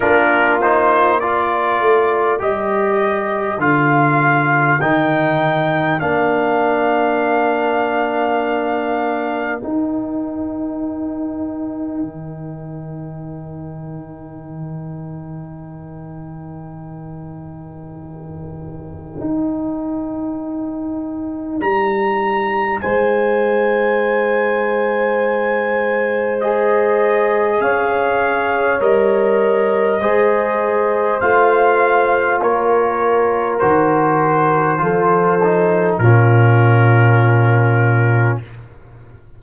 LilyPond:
<<
  \new Staff \with { instrumentName = "trumpet" } { \time 4/4 \tempo 4 = 50 ais'8 c''8 d''4 dis''4 f''4 | g''4 f''2. | g''1~ | g''1~ |
g''2 ais''4 gis''4~ | gis''2 dis''4 f''4 | dis''2 f''4 cis''4 | c''2 ais'2 | }
  \new Staff \with { instrumentName = "horn" } { \time 4/4 f'4 ais'2.~ | ais'1~ | ais'1~ | ais'1~ |
ais'2. c''4~ | c''2. cis''4~ | cis''4 c''2 ais'4~ | ais'4 a'4 f'2 | }
  \new Staff \with { instrumentName = "trombone" } { \time 4/4 d'8 dis'8 f'4 g'4 f'4 | dis'4 d'2. | dis'1~ | dis'1~ |
dis'1~ | dis'2 gis'2 | ais'4 gis'4 f'2 | fis'4 f'8 dis'8 cis'2 | }
  \new Staff \with { instrumentName = "tuba" } { \time 4/4 ais4. a8 g4 d4 | dis4 ais2. | dis'2 dis2~ | dis1 |
dis'2 g4 gis4~ | gis2. cis'4 | g4 gis4 a4 ais4 | dis4 f4 ais,2 | }
>>